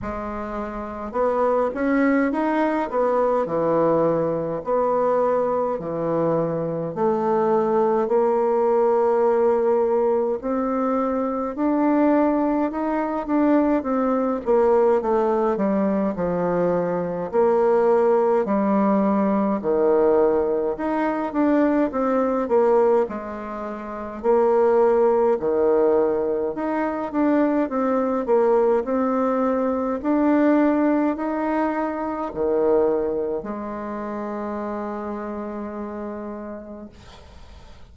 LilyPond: \new Staff \with { instrumentName = "bassoon" } { \time 4/4 \tempo 4 = 52 gis4 b8 cis'8 dis'8 b8 e4 | b4 e4 a4 ais4~ | ais4 c'4 d'4 dis'8 d'8 | c'8 ais8 a8 g8 f4 ais4 |
g4 dis4 dis'8 d'8 c'8 ais8 | gis4 ais4 dis4 dis'8 d'8 | c'8 ais8 c'4 d'4 dis'4 | dis4 gis2. | }